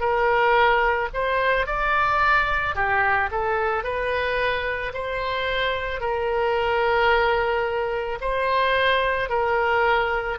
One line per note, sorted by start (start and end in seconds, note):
0.00 1.09 A#4
1.14 1.67 C5
1.67 2.75 D5
2.75 3.30 G4
3.31 3.84 A4
3.84 4.93 B4
4.93 6.00 C5
6.00 8.19 A#4
8.21 9.29 C5
9.29 10.38 A#4